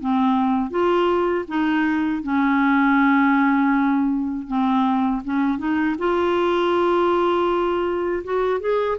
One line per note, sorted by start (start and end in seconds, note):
0.00 0.70 C4
0.70 1.45 F4
1.48 2.23 D#4
2.23 4.47 C#4
4.47 5.22 C4
5.24 5.58 C#4
5.58 5.96 D#4
5.98 8.23 F4
8.24 8.60 F#4
8.60 8.98 G#4